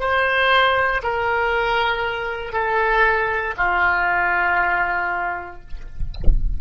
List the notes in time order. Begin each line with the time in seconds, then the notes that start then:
0.00 C5
1.03 A#4
2.52 A4
3.57 F4